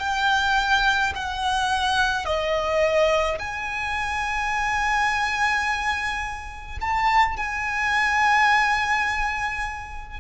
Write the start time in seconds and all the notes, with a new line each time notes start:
0.00 G5
1.16 F#5
2.25 D#5
3.39 G#5
6.81 A5
7.37 G#5